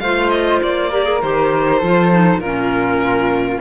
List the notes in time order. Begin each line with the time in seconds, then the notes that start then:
0.00 A3 F4 C5 F5
0.30 D#5
0.63 A#3 D5
0.91 G4 A#4
1.04 G#4
1.22 D#3 G4 C5
1.79 F3 F4 A4
2.11 D#4
2.38 A#2 F4 A#4
2.45 C#4